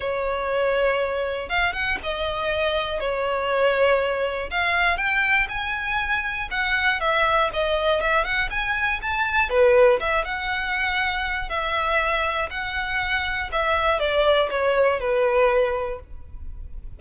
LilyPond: \new Staff \with { instrumentName = "violin" } { \time 4/4 \tempo 4 = 120 cis''2. f''8 fis''8 | dis''2 cis''2~ | cis''4 f''4 g''4 gis''4~ | gis''4 fis''4 e''4 dis''4 |
e''8 fis''8 gis''4 a''4 b'4 | e''8 fis''2~ fis''8 e''4~ | e''4 fis''2 e''4 | d''4 cis''4 b'2 | }